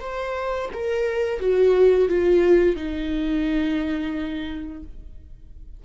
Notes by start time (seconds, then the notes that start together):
0.00 C5
0.73 A#4
1.39 F#4
2.08 F4
2.76 D#4